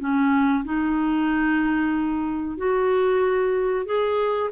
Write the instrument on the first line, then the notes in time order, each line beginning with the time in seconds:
clarinet
0.00 C#4
0.65 D#4
2.57 F#4
3.86 G#4